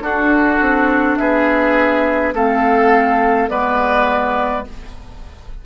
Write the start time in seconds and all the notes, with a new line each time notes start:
0.00 D4 F#4 A4
0.61 C4
1.17 B3 G#4 E5
2.33 A3 C4 A4 F5
3.49 G#3 B3 B4 D5